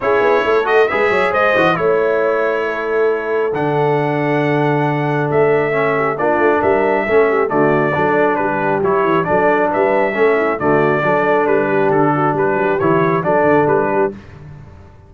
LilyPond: <<
  \new Staff \with { instrumentName = "trumpet" } { \time 4/4 \tempo 4 = 136 cis''4. dis''8 e''4 dis''4 | cis''1 | fis''1 | e''2 d''4 e''4~ |
e''4 d''2 b'4 | cis''4 d''4 e''2 | d''2 b'4 a'4 | b'4 cis''4 d''4 b'4 | }
  \new Staff \with { instrumentName = "horn" } { \time 4/4 gis'4 a'4 b'8 cis''8 c''4 | cis''2 a'2~ | a'1~ | a'4. g'8 f'4 ais'4 |
a'8 g'8 fis'4 a'4 g'4~ | g'4 a'4 b'4 a'8 e'8 | fis'4 a'4. g'4 fis'8 | g'2 a'4. g'8 | }
  \new Staff \with { instrumentName = "trombone" } { \time 4/4 e'4. fis'8 gis'4. fis'8 | e'1 | d'1~ | d'4 cis'4 d'2 |
cis'4 a4 d'2 | e'4 d'2 cis'4 | a4 d'2.~ | d'4 e'4 d'2 | }
  \new Staff \with { instrumentName = "tuba" } { \time 4/4 cis'8 b8 a4 gis8 fis8 gis8 e8 | a1 | d1 | a2 ais8 a8 g4 |
a4 d4 fis4 g4 | fis8 e8 fis4 g4 a4 | d4 fis4 g4 d4 | g8 fis8 e4 fis8 d8 g4 | }
>>